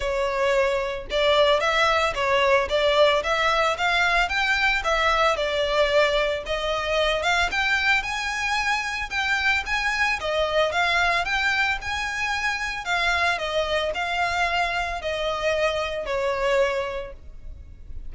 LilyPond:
\new Staff \with { instrumentName = "violin" } { \time 4/4 \tempo 4 = 112 cis''2 d''4 e''4 | cis''4 d''4 e''4 f''4 | g''4 e''4 d''2 | dis''4. f''8 g''4 gis''4~ |
gis''4 g''4 gis''4 dis''4 | f''4 g''4 gis''2 | f''4 dis''4 f''2 | dis''2 cis''2 | }